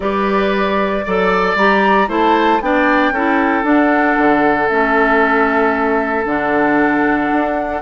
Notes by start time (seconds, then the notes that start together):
0.00 G3 G4 B4 D5
1.05 F#3 A4 D5
1.55 G3 G4 A#5
2.07 A3 E4 C5 A5
2.60 B3 D4 D5 G5
3.10 C#4 E4 A4
3.63 D4 F#5
4.18 D3
4.68 A3 C#4 E5
6.25 D3 D4 F#5
7.32 D4